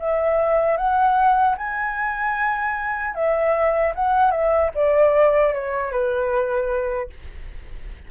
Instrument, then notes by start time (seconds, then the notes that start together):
flute
0.00 E5
0.78 F#5
1.58 G#5
3.15 E5
3.95 F#5
4.31 E5
4.75 D5
5.54 C#5
5.92 B4